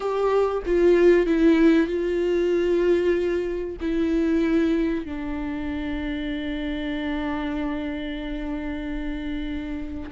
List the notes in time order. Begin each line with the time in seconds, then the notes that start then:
0.00 G4
0.65 F4
1.26 E4
1.87 F4
3.80 E4
5.05 D4